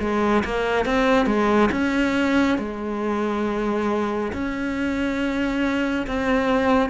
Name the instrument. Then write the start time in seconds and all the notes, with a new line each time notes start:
cello
0.00 G#3
0.45 A#3
0.85 C4
1.26 G#3
1.71 C#4
2.58 G#3
4.32 C#4
6.07 C4